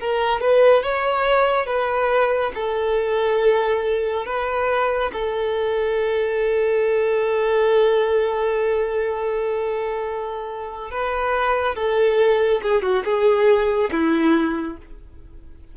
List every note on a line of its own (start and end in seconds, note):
0.00 0.41 A#4
0.41 0.83 B4
0.83 1.66 C#5
1.66 2.52 B4
2.55 4.26 A4
4.26 5.12 B4
5.12 10.91 A4
10.91 11.75 B4
11.75 12.61 A4
12.62 12.82 G#4
12.82 13.04 F#4
13.04 13.90 G#4
13.91 14.77 E4